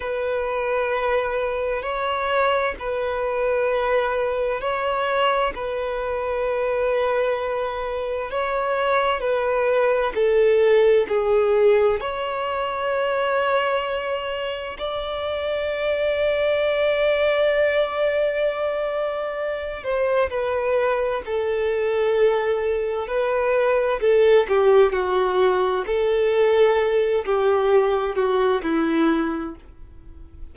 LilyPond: \new Staff \with { instrumentName = "violin" } { \time 4/4 \tempo 4 = 65 b'2 cis''4 b'4~ | b'4 cis''4 b'2~ | b'4 cis''4 b'4 a'4 | gis'4 cis''2. |
d''1~ | d''4. c''8 b'4 a'4~ | a'4 b'4 a'8 g'8 fis'4 | a'4. g'4 fis'8 e'4 | }